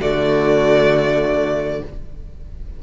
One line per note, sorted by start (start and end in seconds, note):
0.00 1.82 D3
0.00 1.82 A3
0.00 1.82 F#4
0.00 1.83 D5